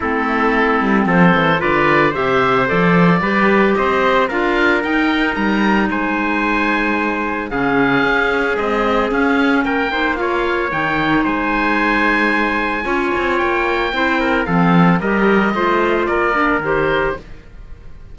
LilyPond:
<<
  \new Staff \with { instrumentName = "oboe" } { \time 4/4 \tempo 4 = 112 a'2 c''4 d''4 | e''4 d''2 dis''4 | f''4 g''4 ais''4 gis''4~ | gis''2 f''2 |
dis''4 f''4 g''4 f''4 | g''4 gis''2.~ | gis''4 g''2 f''4 | dis''2 d''4 c''4 | }
  \new Staff \with { instrumentName = "trumpet" } { \time 4/4 e'2 a'4 b'4 | c''2 b'4 c''4 | ais'2. c''4~ | c''2 gis'2~ |
gis'2 ais'8 c''8 cis''4~ | cis''4 c''2. | cis''2 c''8 ais'8 a'4 | ais'4 c''4 ais'2 | }
  \new Staff \with { instrumentName = "clarinet" } { \time 4/4 c'2. f'4 | g'4 a'4 g'2 | f'4 dis'2.~ | dis'2 cis'2 |
gis4 cis'4. dis'8 f'4 | dis'1 | f'2 e'4 c'4 | g'4 f'4. d'8 g'4 | }
  \new Staff \with { instrumentName = "cello" } { \time 4/4 a4. g8 f8 e8 d4 | c4 f4 g4 c'4 | d'4 dis'4 g4 gis4~ | gis2 cis4 cis'4 |
c'4 cis'4 ais2 | dis4 gis2. | cis'8 c'8 ais4 c'4 f4 | g4 a4 ais4 dis4 | }
>>